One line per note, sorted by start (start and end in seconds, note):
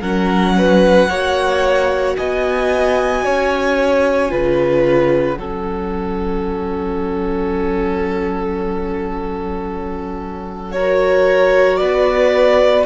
0.00 1.08 F#3
0.00 1.08 C#4
0.00 0.54 A#4
0.00 2.16 F#5
0.58 1.09 B4
1.09 2.16 A#3
1.09 4.28 F#4
1.09 2.16 C#5
2.17 3.25 B3
2.17 3.24 D#5
2.17 4.83 G#5
3.24 4.32 C#4
3.24 4.31 C#5
4.28 5.37 C#3
4.28 5.35 F4
4.28 5.38 B4
4.83 10.71 F#5
5.37 11.80 F#3
5.37 10.74 C#4
5.37 10.74 A4
10.71 12.85 F#4
10.71 11.79 A#4
10.71 11.77 C#5
11.77 12.85 B3
11.77 12.85 B4
11.77 12.84 D5